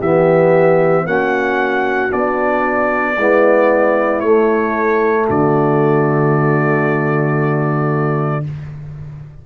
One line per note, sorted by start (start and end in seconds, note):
0.00 1.06 E3
0.00 1.07 B3
0.00 1.05 G4
0.00 1.07 E5
1.06 2.11 A#3
1.06 2.10 C#4
1.06 3.18 F#4
1.06 2.12 F#5
2.10 3.17 B3
2.10 3.15 D4
2.10 4.21 D5
3.17 4.22 G#3
3.17 4.23 B3
3.17 5.28 E4
4.21 5.27 A3
4.21 8.44 A3
4.21 5.26 C#5
5.28 8.46 D3
5.28 8.44 F#4
5.28 8.46 D5